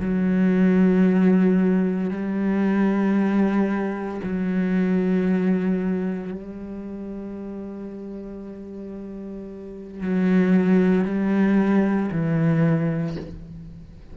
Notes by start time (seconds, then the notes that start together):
0.00 F#3
2.10 G3
4.23 F#3
6.33 G3
10.01 F#3
11.05 G3
12.11 E3